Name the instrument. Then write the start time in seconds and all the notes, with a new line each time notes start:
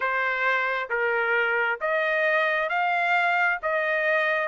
trumpet
0.00 C5
0.89 A#4
1.80 D#5
2.69 F5
3.62 D#5